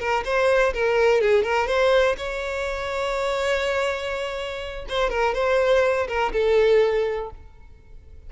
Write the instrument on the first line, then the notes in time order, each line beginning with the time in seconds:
violin
0.00 A#4
0.25 C5
0.74 A#4
1.22 G#4
1.44 A#4
1.67 C5
2.18 C#5
4.89 C5
5.10 A#4
5.35 C5
6.08 A#4
6.33 A4